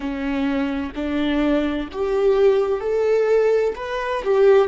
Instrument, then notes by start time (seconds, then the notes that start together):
viola
0.00 C#4
0.95 D4
1.91 G4
2.80 A4
3.75 B4
4.24 G4